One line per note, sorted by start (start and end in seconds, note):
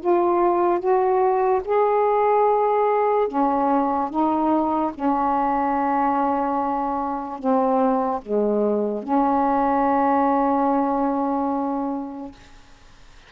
0.00 0.79 F4
0.79 1.61 F#4
1.65 3.28 G#4
3.28 4.09 C#4
4.09 4.92 D#4
4.94 7.39 C#4
7.39 8.21 C4
8.22 9.03 G#3
9.03 12.32 C#4